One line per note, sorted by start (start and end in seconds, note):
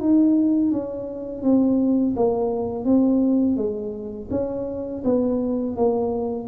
0.00 0.72 D#4
0.72 1.43 C#4
1.43 2.15 C4
2.17 2.85 A#3
2.85 3.57 C4
3.57 4.29 G#3
4.31 5.03 C#4
5.04 5.76 B3
5.76 6.49 A#3